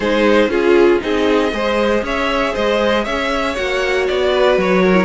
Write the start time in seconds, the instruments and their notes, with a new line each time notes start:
0.00 cello G#3, viola D#4, violin G#4 C5
0.47 cello C#4, viola F4, violin F4 G#4
0.99 cello C4, viola D#4, violin G#4 D#5
1.52 cello G#3, viola G#4, violin C5
2.02 cello C#4, violin C#5 E5
2.52 cello G#3, violin C5 D#5
3.03 cello C#4, violin C#5 E5
3.55 cello A#3, viola F#4, violin F#5
4.07 cello B3, violin D5
4.32 violin B4
4.57 cello F#3, violin C#5
4.83 violin A#4
4.94 viola E4